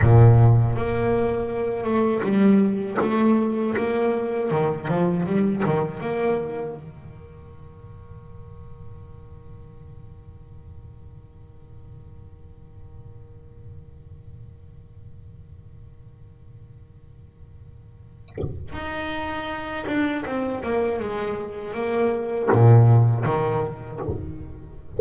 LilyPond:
\new Staff \with { instrumentName = "double bass" } { \time 4/4 \tempo 4 = 80 ais,4 ais4. a8 g4 | a4 ais4 dis8 f8 g8 dis8 | ais4 dis2.~ | dis1~ |
dis1~ | dis1~ | dis4 dis'4. d'8 c'8 ais8 | gis4 ais4 ais,4 dis4 | }